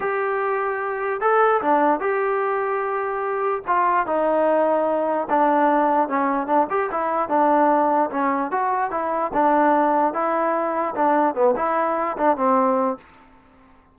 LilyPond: \new Staff \with { instrumentName = "trombone" } { \time 4/4 \tempo 4 = 148 g'2. a'4 | d'4 g'2.~ | g'4 f'4 dis'2~ | dis'4 d'2 cis'4 |
d'8 g'8 e'4 d'2 | cis'4 fis'4 e'4 d'4~ | d'4 e'2 d'4 | b8 e'4. d'8 c'4. | }